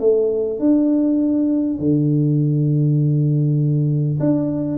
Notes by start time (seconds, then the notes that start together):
0.00 A3
0.60 D4
1.79 D3
4.20 D4